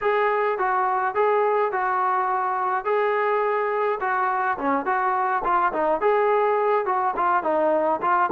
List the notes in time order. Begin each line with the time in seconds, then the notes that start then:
0.01 G#4
0.58 F#4
1.15 G#4
1.71 F#4
2.84 G#4
4.00 F#4
4.58 C#4
4.85 F#4
5.44 F4
5.72 D#4
6.01 G#4
6.85 F#4
7.16 F4
7.43 D#4
8.01 F4